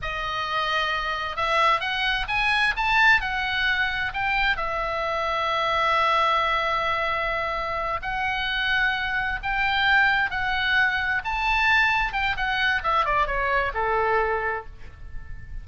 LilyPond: \new Staff \with { instrumentName = "oboe" } { \time 4/4 \tempo 4 = 131 dis''2. e''4 | fis''4 gis''4 a''4 fis''4~ | fis''4 g''4 e''2~ | e''1~ |
e''4. fis''2~ fis''8~ | fis''8 g''2 fis''4.~ | fis''8 a''2 g''8 fis''4 | e''8 d''8 cis''4 a'2 | }